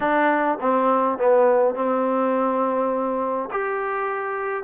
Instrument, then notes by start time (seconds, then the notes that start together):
trombone
0.00 D4
0.60 C4
1.18 B3
1.74 C4
3.51 G4